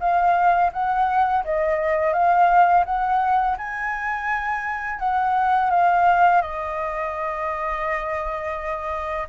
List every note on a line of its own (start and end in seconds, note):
0.00 0.71 F5
0.73 1.44 F#5
1.44 2.13 D#5
2.13 2.85 F5
2.86 3.57 F#5
3.57 4.99 G#5
4.99 5.70 F#5
5.70 6.42 F5
6.42 9.28 D#5